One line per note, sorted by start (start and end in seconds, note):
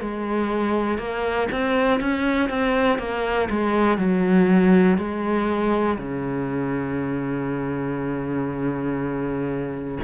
0.00 0.98 G#3
0.98 1.48 A#3
1.51 2.00 C4
2.00 2.49 C#4
2.49 2.98 C4
2.98 3.48 A#3
3.49 3.97 G#3
3.97 4.97 F#3
4.98 5.98 G#3
5.98 9.98 C#3